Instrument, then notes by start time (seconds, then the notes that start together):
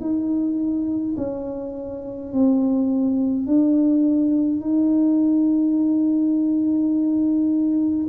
tuba
0.00 D#4
1.17 C#4
2.32 C4
3.47 D4
4.60 D#4